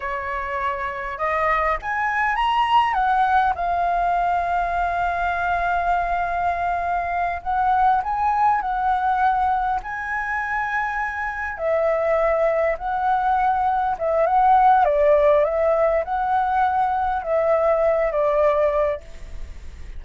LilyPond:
\new Staff \with { instrumentName = "flute" } { \time 4/4 \tempo 4 = 101 cis''2 dis''4 gis''4 | ais''4 fis''4 f''2~ | f''1~ | f''8 fis''4 gis''4 fis''4.~ |
fis''8 gis''2. e''8~ | e''4. fis''2 e''8 | fis''4 d''4 e''4 fis''4~ | fis''4 e''4. d''4. | }